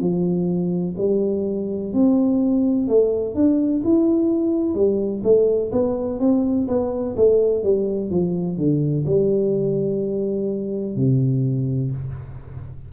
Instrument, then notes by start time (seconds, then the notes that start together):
tuba
0.00 F3
0.98 G3
1.94 C4
2.88 A3
3.35 D4
3.84 E4
4.75 G3
5.24 A3
5.72 B3
6.20 C4
6.68 B3
7.16 A3
7.64 G3
8.10 F3
8.58 D3
9.06 G3
10.96 C3